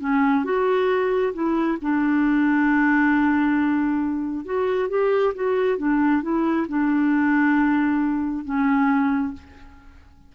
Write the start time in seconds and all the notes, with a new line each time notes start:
0.00 C#4
0.44 F#4
1.34 E4
1.82 D4
4.45 F#4
4.89 G4
5.35 F#4
5.78 D4
6.22 E4
6.68 D4
8.45 C#4